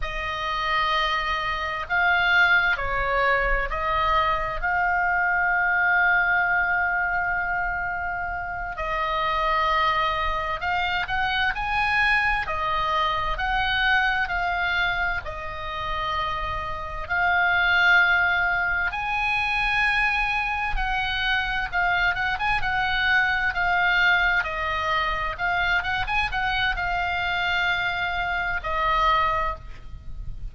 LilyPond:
\new Staff \with { instrumentName = "oboe" } { \time 4/4 \tempo 4 = 65 dis''2 f''4 cis''4 | dis''4 f''2.~ | f''4. dis''2 f''8 | fis''8 gis''4 dis''4 fis''4 f''8~ |
f''8 dis''2 f''4.~ | f''8 gis''2 fis''4 f''8 | fis''16 gis''16 fis''4 f''4 dis''4 f''8 | fis''16 gis''16 fis''8 f''2 dis''4 | }